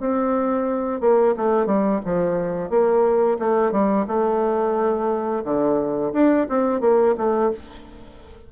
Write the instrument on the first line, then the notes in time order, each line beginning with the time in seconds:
bassoon
0.00 C4
1.00 A#3
1.36 A3
1.66 G3
2.05 F3
2.70 A#3
3.39 A3
3.72 G3
4.07 A3
5.44 D3
6.13 D4
6.49 C4
6.81 A#3
7.17 A3